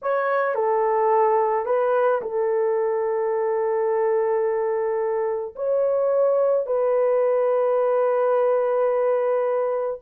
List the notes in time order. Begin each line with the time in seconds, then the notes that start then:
0.02 C#5
0.54 A4
1.65 B4
2.21 A4
5.55 C#5
6.66 B4